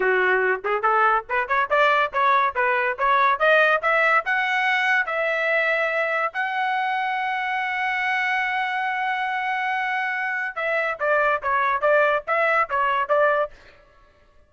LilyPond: \new Staff \with { instrumentName = "trumpet" } { \time 4/4 \tempo 4 = 142 fis'4. gis'8 a'4 b'8 cis''8 | d''4 cis''4 b'4 cis''4 | dis''4 e''4 fis''2 | e''2. fis''4~ |
fis''1~ | fis''1~ | fis''4 e''4 d''4 cis''4 | d''4 e''4 cis''4 d''4 | }